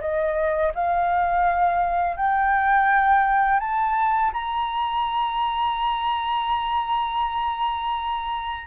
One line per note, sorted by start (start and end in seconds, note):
0.00 0.72 D#5
0.74 2.16 F5
2.16 3.59 G5
3.59 4.31 A5
4.33 8.66 A#5